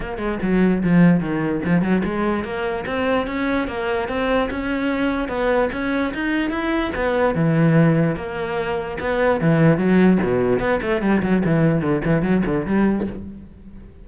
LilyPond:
\new Staff \with { instrumentName = "cello" } { \time 4/4 \tempo 4 = 147 ais8 gis8 fis4 f4 dis4 | f8 fis8 gis4 ais4 c'4 | cis'4 ais4 c'4 cis'4~ | cis'4 b4 cis'4 dis'4 |
e'4 b4 e2 | ais2 b4 e4 | fis4 b,4 b8 a8 g8 fis8 | e4 d8 e8 fis8 d8 g4 | }